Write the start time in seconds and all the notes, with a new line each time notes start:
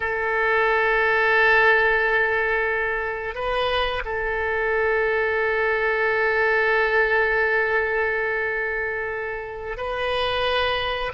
0.00 A4
3.34 B4
4.04 A4
9.77 B4